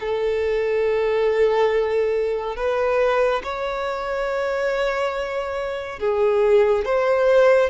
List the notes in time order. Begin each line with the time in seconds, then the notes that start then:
0.00 A4
2.56 B4
3.43 C#5
5.99 G#4
6.85 C5